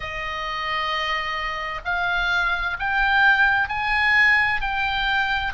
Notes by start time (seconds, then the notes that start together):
0.00 D#5
1.85 F5
2.79 G5
3.68 G#5
4.61 G5